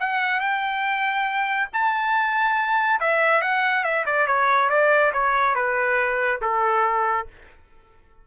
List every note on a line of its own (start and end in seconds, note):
0.00 0.41 F#5
0.41 1.69 G5
1.73 3.00 A5
3.00 3.41 E5
3.41 3.84 F#5
3.84 4.05 E5
4.06 4.27 D5
4.27 4.69 C#5
4.69 5.12 D5
5.13 5.55 C#5
5.55 6.41 B4
6.41 7.27 A4